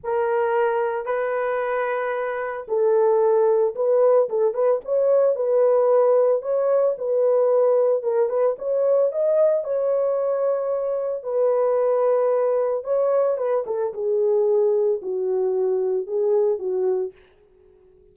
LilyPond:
\new Staff \with { instrumentName = "horn" } { \time 4/4 \tempo 4 = 112 ais'2 b'2~ | b'4 a'2 b'4 | a'8 b'8 cis''4 b'2 | cis''4 b'2 ais'8 b'8 |
cis''4 dis''4 cis''2~ | cis''4 b'2. | cis''4 b'8 a'8 gis'2 | fis'2 gis'4 fis'4 | }